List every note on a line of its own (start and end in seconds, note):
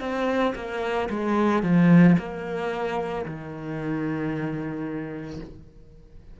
0.00 0.54 C4
0.55 1.08 A#3
1.09 1.63 G#3
1.63 2.16 F3
2.18 3.25 A#3
3.25 5.40 D#3